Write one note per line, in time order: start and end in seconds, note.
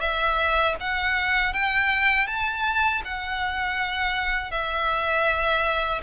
0.00 0.75 E5
0.80 1.53 F#5
1.53 2.27 G5
2.27 3.02 A5
3.04 4.50 F#5
4.50 6.00 E5